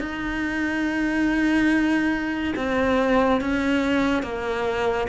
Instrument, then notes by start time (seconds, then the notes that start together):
cello
0.00 D#4
2.56 C4
3.41 C#4
4.23 A#3